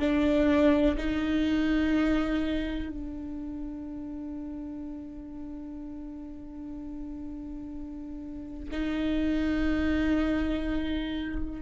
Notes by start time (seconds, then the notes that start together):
0.00 D4
0.97 D#4
2.89 D4
8.71 D#4